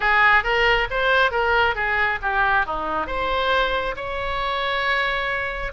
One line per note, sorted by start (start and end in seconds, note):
0.00 0.43 G#4
0.43 0.87 A#4
0.90 1.31 C5
1.31 1.75 A#4
1.75 2.19 G#4
2.22 2.66 G4
2.66 3.07 D#4
3.07 3.95 C5
3.96 5.72 C#5